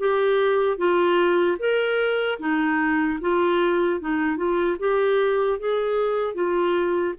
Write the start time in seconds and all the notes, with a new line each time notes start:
0.00 G4
0.78 F4
1.59 A#4
2.40 D#4
3.21 F4
4.01 D#4
4.37 F4
4.80 G4
5.60 G#4
6.35 F4